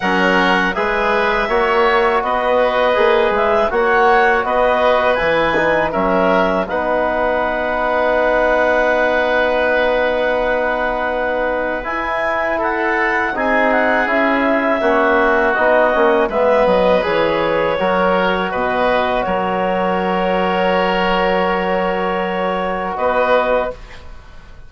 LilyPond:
<<
  \new Staff \with { instrumentName = "clarinet" } { \time 4/4 \tempo 4 = 81 fis''4 e''2 dis''4~ | dis''8 e''8 fis''4 dis''4 gis''4 | e''4 fis''2.~ | fis''1 |
gis''4 fis''4 gis''8 fis''8 e''4~ | e''4 dis''4 e''8 dis''8 cis''4~ | cis''4 dis''4 cis''2~ | cis''2. dis''4 | }
  \new Staff \with { instrumentName = "oboe" } { \time 4/4 ais'4 b'4 cis''4 b'4~ | b'4 cis''4 b'2 | ais'4 b'2.~ | b'1~ |
b'4 a'4 gis'2 | fis'2 b'2 | ais'4 b'4 ais'2~ | ais'2. b'4 | }
  \new Staff \with { instrumentName = "trombone" } { \time 4/4 cis'4 gis'4 fis'2 | gis'4 fis'2 e'8 dis'8 | cis'4 dis'2.~ | dis'1 |
e'2 dis'4 e'4 | cis'4 dis'8 cis'8 b4 gis'4 | fis'1~ | fis'1 | }
  \new Staff \with { instrumentName = "bassoon" } { \time 4/4 fis4 gis4 ais4 b4 | ais8 gis8 ais4 b4 e4 | fis4 b2.~ | b1 |
e'2 c'4 cis'4 | ais4 b8 ais8 gis8 fis8 e4 | fis4 b,4 fis2~ | fis2. b4 | }
>>